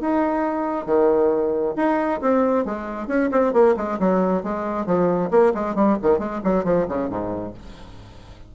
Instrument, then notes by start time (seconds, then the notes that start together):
bassoon
0.00 D#4
0.86 D#3
1.76 D#4
2.21 C4
2.65 G#3
3.07 C#4
3.31 C4
3.53 A#3
3.76 G#3
3.99 F#3
4.43 G#3
4.86 F3
5.31 A#3
5.54 G#3
5.75 G3
6.02 D#3
6.19 G#3
6.44 F#3
6.64 F3
6.88 C#3
7.09 G#2